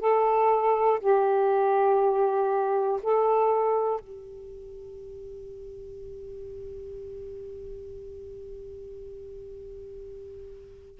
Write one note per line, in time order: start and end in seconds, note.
0.00 1.00 A4
1.00 3.00 G4
3.03 4.00 A4
4.00 11.00 G4